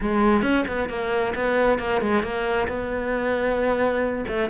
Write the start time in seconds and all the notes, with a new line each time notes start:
0.00 G#3
0.42 C#4
0.67 B3
0.89 A#3
1.35 B3
1.78 A#3
2.01 G#3
2.22 A#3
2.67 B3
4.27 A3